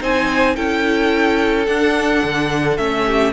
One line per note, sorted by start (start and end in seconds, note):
0.00 0.56 C4
0.00 0.56 D#4
0.00 0.56 C5
0.00 0.56 G#5
0.56 1.68 C#4
0.56 1.67 E4
0.56 3.05 A4
0.56 1.66 G5
1.66 2.78 D4
1.66 2.23 D4
1.66 2.77 F#5
2.24 2.78 D3
2.77 3.33 A3
2.77 3.33 C#4
2.77 3.33 E5
3.05 3.33 G4